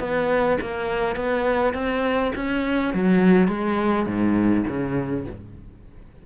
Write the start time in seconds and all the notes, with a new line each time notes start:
0.00 B3
0.61 A#3
1.16 B3
1.74 C4
2.36 C#4
2.94 F#3
3.48 G#3
4.06 G#2
4.68 C#3